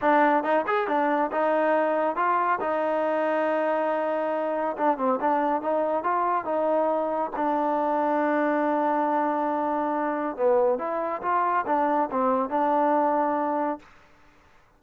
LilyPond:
\new Staff \with { instrumentName = "trombone" } { \time 4/4 \tempo 4 = 139 d'4 dis'8 gis'8 d'4 dis'4~ | dis'4 f'4 dis'2~ | dis'2. d'8 c'8 | d'4 dis'4 f'4 dis'4~ |
dis'4 d'2.~ | d'1 | b4 e'4 f'4 d'4 | c'4 d'2. | }